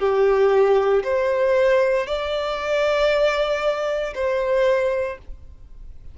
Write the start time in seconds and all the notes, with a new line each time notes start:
0.00 G4
1.04 C5
2.07 D5
4.15 C5